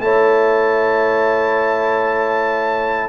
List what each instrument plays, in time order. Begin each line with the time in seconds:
0.00 tuba A3, trombone E4, horn C#5, trumpet A5